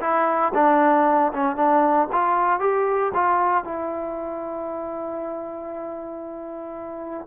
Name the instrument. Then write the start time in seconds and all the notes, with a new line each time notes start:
trombone
0.00 E4
0.54 D4
1.32 C#4
1.56 D4
2.12 F4
2.59 G4
3.14 F4
3.64 E4